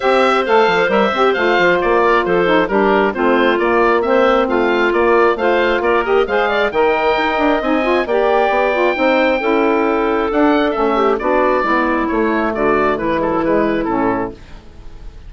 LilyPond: <<
  \new Staff \with { instrumentName = "oboe" } { \time 4/4 \tempo 4 = 134 e''4 f''4 e''4 f''4 | d''4 c''4 ais'4 c''4 | d''4 e''4 f''4 d''4 | f''4 d''8 dis''8 f''4 g''4~ |
g''4 gis''4 g''2~ | g''2. fis''4 | e''4 d''2 cis''4 | d''4 b'8 a'8 b'4 a'4 | }
  \new Staff \with { instrumentName = "clarinet" } { \time 4/4 c''1~ | c''8 ais'8 a'4 g'4 f'4~ | f'4 c''4 f'2 | c''4 ais'4 c''8 d''8 dis''4~ |
dis''2 d''2 | c''4 a'2.~ | a'8 g'8 fis'4 e'2 | fis'4 e'2. | }
  \new Staff \with { instrumentName = "saxophone" } { \time 4/4 g'4 a'4 ais'8 g'8 f'4~ | f'4. dis'8 d'4 c'4 | ais4 c'2 ais4 | f'4. g'8 gis'4 ais'4~ |
ais'4 dis'8 f'8 g'4. f'8 | dis'4 e'2 d'4 | cis'4 d'4 b4 a4~ | a4. gis16 fis16 gis4 cis'4 | }
  \new Staff \with { instrumentName = "bassoon" } { \time 4/4 c'4 a8 f8 g8 c'8 a8 f8 | ais4 f4 g4 a4 | ais2 a4 ais4 | a4 ais4 gis4 dis4 |
dis'8 d'8 c'4 ais4 b4 | c'4 cis'2 d'4 | a4 b4 gis4 a4 | d4 e2 a,4 | }
>>